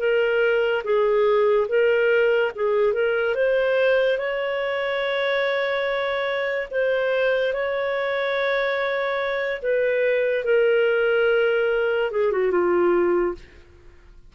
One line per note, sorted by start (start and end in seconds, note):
0.00 0.83 A#4
0.84 1.68 G#4
1.69 2.52 A#4
2.56 2.94 G#4
2.94 3.35 A#4
3.35 4.19 C5
4.19 6.69 C#5
6.71 7.54 C5
7.54 9.62 C#5
9.62 10.45 B4
10.45 12.12 A#4
12.12 12.33 G#4
12.33 12.52 F#4
12.52 13.35 F4